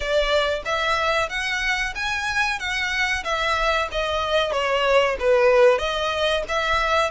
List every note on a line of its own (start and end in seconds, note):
0.00 0.62 D5
0.65 1.29 E5
1.29 1.94 F#5
1.95 2.59 G#5
2.59 3.23 F#5
3.24 3.88 E5
3.91 4.52 D#5
4.52 5.16 C#5
5.19 5.78 B4
5.78 6.43 D#5
6.48 7.10 E5